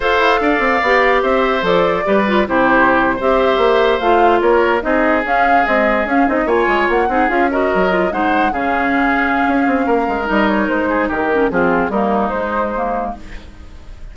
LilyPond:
<<
  \new Staff \with { instrumentName = "flute" } { \time 4/4 \tempo 4 = 146 f''2. e''4 | d''2 c''4.~ c''16 e''16~ | e''4.~ e''16 f''4 cis''4 dis''16~ | dis''8. f''4 dis''4 f''8 dis''8 gis''16~ |
gis''8. fis''4 f''8 dis''4. fis''16~ | fis''8. f''2.~ f''16~ | f''4 dis''8 cis''8 c''4 ais'4 | gis'4 ais'4 c''2 | }
  \new Staff \with { instrumentName = "oboe" } { \time 4/4 c''4 d''2 c''4~ | c''4 b'4 g'4.~ g'16 c''16~ | c''2~ c''8. ais'4 gis'16~ | gis'2.~ gis'8. cis''16~ |
cis''4~ cis''16 gis'4 ais'4. c''16~ | c''8. gis'2.~ gis'16 | ais'2~ ais'8 gis'8 g'4 | f'4 dis'2. | }
  \new Staff \with { instrumentName = "clarinet" } { \time 4/4 a'2 g'2 | a'4 g'8 f'8 e'4.~ e'16 g'16~ | g'4.~ g'16 f'2 dis'16~ | dis'8. cis'4 gis4 cis'8 dis'8 f'16~ |
f'4~ f'16 dis'8 f'8 fis'4 f'8 dis'16~ | dis'8. cis'2.~ cis'16~ | cis'4 dis'2~ dis'8 cis'8 | c'4 ais4 gis4 ais4 | }
  \new Staff \with { instrumentName = "bassoon" } { \time 4/4 f'8 e'8 d'8 c'8 b4 c'4 | f4 g4 c4.~ c16 c'16~ | c'8. ais4 a4 ais4 c'16~ | c'8. cis'4 c'4 cis'8 c'8 ais16~ |
ais16 gis8 ais8 c'8 cis'4 fis4 gis16~ | gis8. cis2~ cis16 cis'8 c'8 | ais8 gis8 g4 gis4 dis4 | f4 g4 gis2 | }
>>